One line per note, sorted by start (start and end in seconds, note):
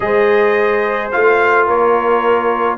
0.00 1.12 G#3
0.00 1.12 G#4
0.00 1.66 C5
0.00 1.11 D#5
1.11 1.68 A3
1.11 2.78 F4
1.11 1.67 F5
1.66 2.78 A#3
1.66 2.78 A#4
1.66 2.78 C#5